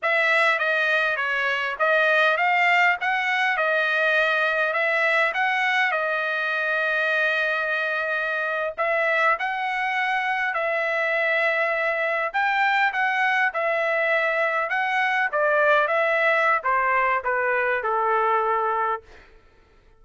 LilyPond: \new Staff \with { instrumentName = "trumpet" } { \time 4/4 \tempo 4 = 101 e''4 dis''4 cis''4 dis''4 | f''4 fis''4 dis''2 | e''4 fis''4 dis''2~ | dis''2~ dis''8. e''4 fis''16~ |
fis''4.~ fis''16 e''2~ e''16~ | e''8. g''4 fis''4 e''4~ e''16~ | e''8. fis''4 d''4 e''4~ e''16 | c''4 b'4 a'2 | }